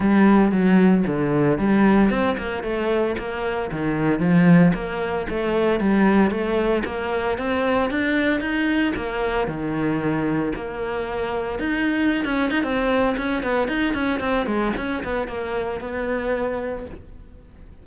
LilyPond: \new Staff \with { instrumentName = "cello" } { \time 4/4 \tempo 4 = 114 g4 fis4 d4 g4 | c'8 ais8 a4 ais4 dis4 | f4 ais4 a4 g4 | a4 ais4 c'4 d'4 |
dis'4 ais4 dis2 | ais2 dis'4~ dis'16 cis'8 dis'16 | c'4 cis'8 b8 dis'8 cis'8 c'8 gis8 | cis'8 b8 ais4 b2 | }